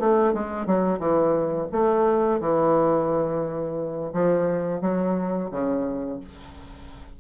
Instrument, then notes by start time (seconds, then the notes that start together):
bassoon
0.00 A3
0.34 G#3
0.67 F#3
1.00 E3
1.73 A3
2.41 E3
4.13 F3
4.82 F#3
5.52 C#3